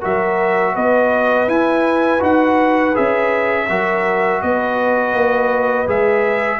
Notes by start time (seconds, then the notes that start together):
0.00 F#3 F#4 A#4 E5
0.75 B3 B4 D#5
1.48 E4 G#5
2.20 D#4 F#4 F#5
2.95 C#4 G#4 E5
3.69 F#3 F#4 A#4
4.42 B3 B4 D#5
5.14 A#3
5.87 G#3 G#4 E5